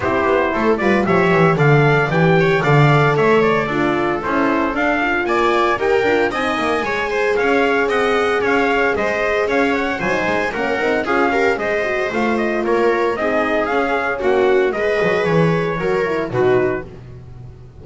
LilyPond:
<<
  \new Staff \with { instrumentName = "trumpet" } { \time 4/4 \tempo 4 = 114 c''4. d''8 e''4 f''4 | g''4 f''4 e''8 d''4. | c''4 f''4 gis''4 g''4 | gis''2 f''4 fis''4 |
f''4 dis''4 f''8 fis''8 gis''4 | fis''4 f''4 dis''4 f''8 dis''8 | cis''4 dis''4 f''4 fis''4 | dis''4 cis''2 b'4 | }
  \new Staff \with { instrumentName = "viola" } { \time 4/4 g'4 a'8 b'8 cis''4 d''4~ | d''8 cis''8 d''4 cis''4 a'4~ | a'2 d''4 ais'4 | dis''4 cis''8 c''8 cis''4 dis''4 |
cis''4 c''4 cis''4 c''4 | ais'4 gis'8 ais'8 c''2 | ais'4 gis'2 fis'4 | b'2 ais'4 fis'4 | }
  \new Staff \with { instrumentName = "horn" } { \time 4/4 e'4. f'8 g'4 a'4 | g'4 a'2 f'4 | e'4 d'8 f'4. g'8 f'8 | dis'4 gis'2.~ |
gis'2. f'16 dis'8. | cis'8 dis'8 f'8 g'8 gis'8 fis'8 f'4~ | f'4 dis'4 cis'2 | gis'2 fis'8 e'8 dis'4 | }
  \new Staff \with { instrumentName = "double bass" } { \time 4/4 c'8 b8 a8 g8 f8 e8 d4 | e4 d4 a4 d'4 | cis'4 d'4 ais4 dis'8 d'8 | c'8 ais8 gis4 cis'4 c'4 |
cis'4 gis4 cis'4 fis8 gis8 | ais8 c'8 cis'4 gis4 a4 | ais4 c'4 cis'4 ais4 | gis8 fis8 e4 fis4 b,4 | }
>>